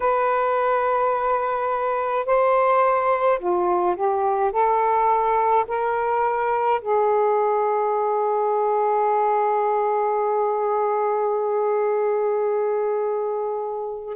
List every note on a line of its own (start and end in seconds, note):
0.00 2.25 B4
2.25 3.39 C5
3.39 3.95 F4
3.95 4.51 G4
4.51 5.64 A4
5.67 6.80 A#4
6.81 14.16 G#4